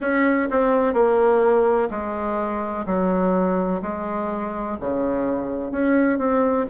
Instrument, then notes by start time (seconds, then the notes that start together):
bassoon
0.00 C#4
0.50 C4
0.93 A#3
1.90 G#3
2.86 F#3
3.81 G#3
4.80 C#3
5.71 C#4
6.18 C4